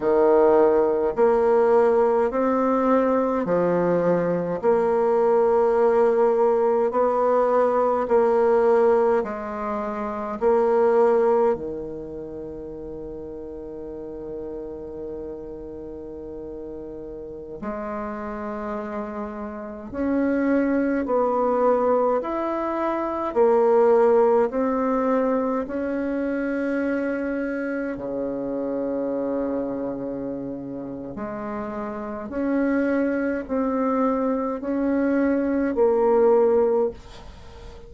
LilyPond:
\new Staff \with { instrumentName = "bassoon" } { \time 4/4 \tempo 4 = 52 dis4 ais4 c'4 f4 | ais2 b4 ais4 | gis4 ais4 dis2~ | dis2.~ dis16 gis8.~ |
gis4~ gis16 cis'4 b4 e'8.~ | e'16 ais4 c'4 cis'4.~ cis'16~ | cis'16 cis2~ cis8. gis4 | cis'4 c'4 cis'4 ais4 | }